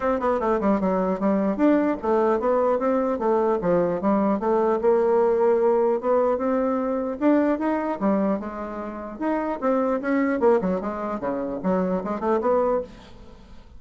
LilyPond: \new Staff \with { instrumentName = "bassoon" } { \time 4/4 \tempo 4 = 150 c'8 b8 a8 g8 fis4 g4 | d'4 a4 b4 c'4 | a4 f4 g4 a4 | ais2. b4 |
c'2 d'4 dis'4 | g4 gis2 dis'4 | c'4 cis'4 ais8 fis8 gis4 | cis4 fis4 gis8 a8 b4 | }